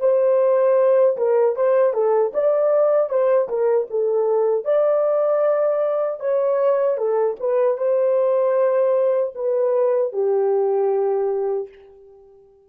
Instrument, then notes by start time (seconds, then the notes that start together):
horn
0.00 C5
1.17 A#4
1.56 C5
1.93 A4
2.34 D5
3.10 C5
3.49 A#4
3.90 A4
4.65 D5
6.20 C#5
6.98 A4
7.40 B4
7.77 C5
9.35 B4
10.13 G4